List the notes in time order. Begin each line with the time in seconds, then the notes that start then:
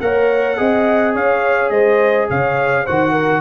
0.00 A#3 A#4 C#5 F#5
0.57 C4 G#4 D#5
1.14 C#4 C#5 F5
1.70 G#3 C5 D#5
2.29 C#3 C#5 F5
2.84 D#3 F#4 C5 F#5
3.11 A#4